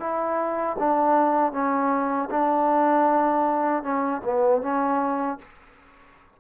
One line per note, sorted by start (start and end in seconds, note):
0.00 0.77 E4
0.79 1.52 D4
1.52 2.29 C#4
2.30 3.83 D4
3.83 4.22 C#4
4.24 4.62 B3
4.62 5.39 C#4